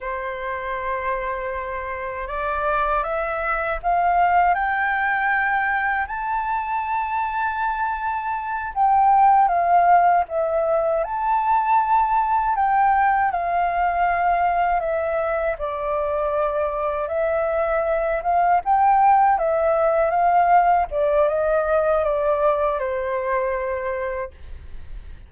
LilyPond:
\new Staff \with { instrumentName = "flute" } { \time 4/4 \tempo 4 = 79 c''2. d''4 | e''4 f''4 g''2 | a''2.~ a''8 g''8~ | g''8 f''4 e''4 a''4.~ |
a''8 g''4 f''2 e''8~ | e''8 d''2 e''4. | f''8 g''4 e''4 f''4 d''8 | dis''4 d''4 c''2 | }